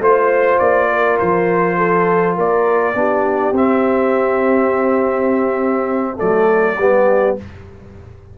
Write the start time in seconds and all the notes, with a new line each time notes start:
0.00 A3 F4 C5
0.59 A#3 D5
0.90 A#4
1.19 F3 C5
1.77 A4
2.36 A#3 A#4 D5
2.95 B3 D4 G4
3.52 C4 E5
6.16 F#3 A3 A4 D5
6.78 G3 B3 G4